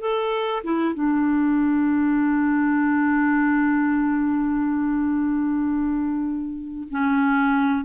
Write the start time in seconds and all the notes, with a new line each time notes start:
0.00 A4
0.63 E4
0.94 D4
6.90 C#4